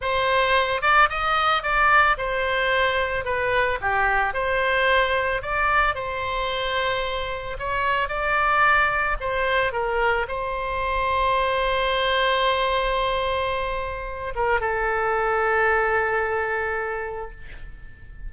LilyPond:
\new Staff \with { instrumentName = "oboe" } { \time 4/4 \tempo 4 = 111 c''4. d''8 dis''4 d''4 | c''2 b'4 g'4 | c''2 d''4 c''4~ | c''2 cis''4 d''4~ |
d''4 c''4 ais'4 c''4~ | c''1~ | c''2~ c''8 ais'8 a'4~ | a'1 | }